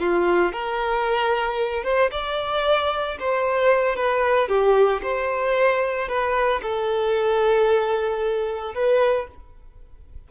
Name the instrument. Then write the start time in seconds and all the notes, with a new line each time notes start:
violin
0.00 F4
0.53 A#4
1.84 C5
2.12 D5
3.20 C5
3.96 B4
4.49 G4
5.03 C5
6.08 B4
6.63 A4
8.75 B4